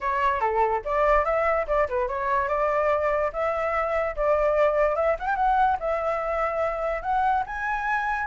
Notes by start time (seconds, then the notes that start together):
0.01 C#5
0.40 A4
0.84 D5
1.24 E5
1.67 D5
1.88 B4
2.08 C#5
2.48 D5
3.33 E5
4.16 D5
4.95 E5
5.19 F#5
5.26 G5
5.36 F#5
5.79 E5
7.02 F#5
7.46 G#5